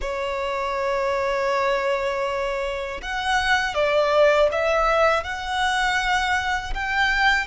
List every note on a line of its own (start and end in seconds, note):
0.01 3.01 C#5
3.01 3.74 F#5
3.74 4.49 D5
4.51 5.23 E5
5.23 6.73 F#5
6.74 7.47 G5